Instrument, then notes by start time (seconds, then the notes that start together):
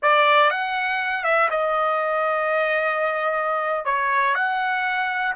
trumpet
0.02 D5
0.50 F#5
1.24 E5
1.50 D#5
3.85 C#5
4.34 F#5